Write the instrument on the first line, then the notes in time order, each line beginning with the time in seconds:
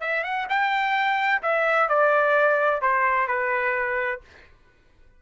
trumpet
0.00 E5
0.23 F#5
0.49 G5
1.42 E5
1.89 D5
2.81 C5
3.27 B4